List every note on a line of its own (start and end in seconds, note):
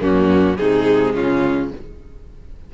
0.00 0.57 F#2
0.00 0.57 A#3
0.00 0.57 C#4
0.00 0.57 F#4
0.57 1.15 C3
0.57 1.74 G#3
0.57 1.13 D#4
0.57 1.13 G#4
1.13 1.72 C#3
1.13 1.70 C#4
1.13 1.72 F4